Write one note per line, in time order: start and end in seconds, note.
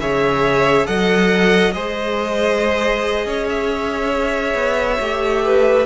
0.00 0.87 C#3
0.00 0.86 G#4
0.00 0.87 C#5
0.00 0.87 E5
0.86 1.75 F#3
0.86 1.73 A4
0.86 1.74 D#5
0.86 1.72 F#5
1.72 3.26 G#3
1.72 5.00 G#4
1.72 3.26 C5
1.72 3.46 D#5
3.26 4.54 C#4
3.26 5.44 C#5
3.49 5.86 E5
4.54 4.98 B3
5.00 5.86 A3
5.00 5.86 G4
5.45 5.86 B4